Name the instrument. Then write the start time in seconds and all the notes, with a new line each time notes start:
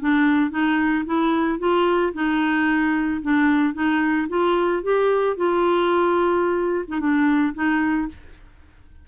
clarinet
0.00 D4
0.51 D#4
1.06 E4
1.59 F4
2.14 D#4
3.22 D4
3.74 D#4
4.29 F4
4.83 G4
5.37 F4
6.88 D#4
7.00 D4
7.54 D#4